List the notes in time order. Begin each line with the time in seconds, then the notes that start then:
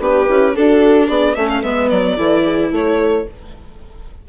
0.00 B3 D4 G4 B4
0.27 C#4 E4
0.55 D4 F#4 A4
1.08 B3 G#4 D5
1.35 A3 C#4 A4 E5
1.49 F5
1.62 G#3 B3 B4 E5
1.90 F#3 D5
2.18 E3 E4 A4
2.44 G#4
2.72 A3 A4 C#5